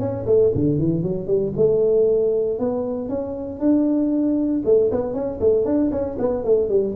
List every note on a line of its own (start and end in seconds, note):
0.00 0.26 C#4
0.27 0.52 A3
0.55 0.79 D3
0.79 1.03 E3
1.03 1.27 F#3
1.27 1.53 G3
1.57 2.59 A3
2.59 3.09 B3
3.09 3.60 C#4
3.60 4.63 D4
4.65 4.91 A3
4.92 5.14 B3
5.14 5.40 C#4
5.41 5.65 A3
5.65 5.91 D4
5.92 6.17 C#4
6.19 6.45 B3
6.45 6.69 A3
6.69 6.95 G3